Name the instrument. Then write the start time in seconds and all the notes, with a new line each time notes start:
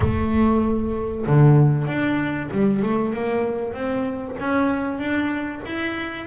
double bass
0.00 A3
1.26 D3
1.87 D4
2.51 G3
2.82 A3
3.13 A#3
3.73 C4
4.39 C#4
4.98 D4
5.65 E4